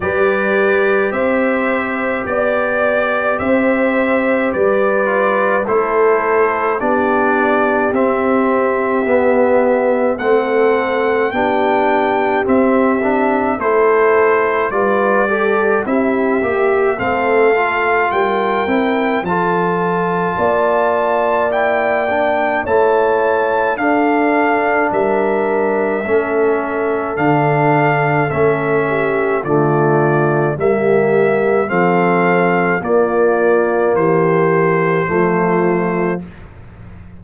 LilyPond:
<<
  \new Staff \with { instrumentName = "trumpet" } { \time 4/4 \tempo 4 = 53 d''4 e''4 d''4 e''4 | d''4 c''4 d''4 e''4~ | e''4 fis''4 g''4 e''4 | c''4 d''4 e''4 f''4 |
g''4 a''2 g''4 | a''4 f''4 e''2 | f''4 e''4 d''4 e''4 | f''4 d''4 c''2 | }
  \new Staff \with { instrumentName = "horn" } { \time 4/4 b'4 c''4 d''4 c''4 | b'4 a'4 g'2~ | g'4 a'4 g'2 | a'4 b'8 a'8 g'4 a'4 |
ais'4 a'4 d''2 | cis''4 a'4 ais'4 a'4~ | a'4. g'8 f'4 g'4 | a'4 f'4 g'4 f'4 | }
  \new Staff \with { instrumentName = "trombone" } { \time 4/4 g'1~ | g'8 f'8 e'4 d'4 c'4 | b4 c'4 d'4 c'8 d'8 | e'4 f'8 g'8 e'8 g'8 c'8 f'8~ |
f'8 e'8 f'2 e'8 d'8 | e'4 d'2 cis'4 | d'4 cis'4 a4 ais4 | c'4 ais2 a4 | }
  \new Staff \with { instrumentName = "tuba" } { \time 4/4 g4 c'4 b4 c'4 | g4 a4 b4 c'4 | b4 a4 b4 c'4 | a4 g4 c'8 ais8 a4 |
g8 c'8 f4 ais2 | a4 d'4 g4 a4 | d4 a4 d4 g4 | f4 ais4 e4 f4 | }
>>